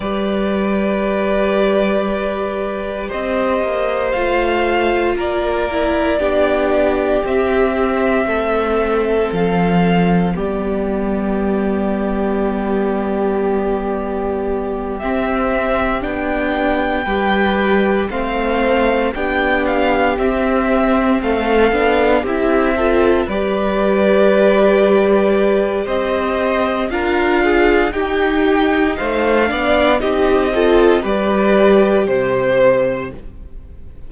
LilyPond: <<
  \new Staff \with { instrumentName = "violin" } { \time 4/4 \tempo 4 = 58 d''2. dis''4 | f''4 d''2 e''4~ | e''4 f''4 d''2~ | d''2~ d''8 e''4 g''8~ |
g''4. f''4 g''8 f''8 e''8~ | e''8 f''4 e''4 d''4.~ | d''4 dis''4 f''4 g''4 | f''4 dis''4 d''4 c''4 | }
  \new Staff \with { instrumentName = "violin" } { \time 4/4 b'2. c''4~ | c''4 ais'4 g'2 | a'2 g'2~ | g'1~ |
g'8 b'4 c''4 g'4.~ | g'8 a'4 g'8 a'8 b'4.~ | b'4 c''4 ais'8 gis'8 g'4 | c''8 d''8 g'8 a'8 b'4 c''4 | }
  \new Staff \with { instrumentName = "viola" } { \time 4/4 g'1 | f'4. e'8 d'4 c'4~ | c'2 b2~ | b2~ b8 c'4 d'8~ |
d'8 g'4 c'4 d'4 c'8~ | c'4 d'8 e'8 f'8 g'4.~ | g'2 f'4 dis'4~ | dis'8 d'8 dis'8 f'8 g'2 | }
  \new Staff \with { instrumentName = "cello" } { \time 4/4 g2. c'8 ais8 | a4 ais4 b4 c'4 | a4 f4 g2~ | g2~ g8 c'4 b8~ |
b8 g4 a4 b4 c'8~ | c'8 a8 b8 c'4 g4.~ | g4 c'4 d'4 dis'4 | a8 b8 c'4 g4 c4 | }
>>